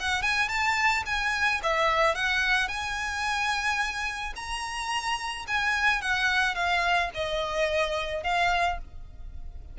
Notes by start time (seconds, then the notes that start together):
0.00 F#5
0.23 G#5
0.49 A5
1.06 G#5
1.63 E5
2.15 F#5
2.69 G#5
4.36 A#5
5.48 G#5
6.02 F#5
6.55 F5
7.14 D#5
8.24 F5